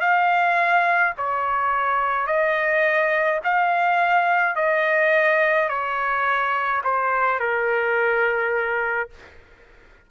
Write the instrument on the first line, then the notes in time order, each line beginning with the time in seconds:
trumpet
0.00 F5
1.17 C#5
2.26 D#5
3.44 F5
4.55 D#5
5.69 C#5
6.83 C5
7.39 A#4